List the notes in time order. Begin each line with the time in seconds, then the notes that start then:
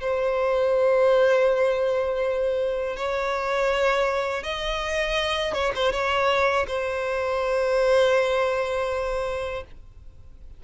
0.00 C5
2.96 C#5
4.43 D#5
5.54 C#5
5.75 C5
5.92 C#5
6.67 C5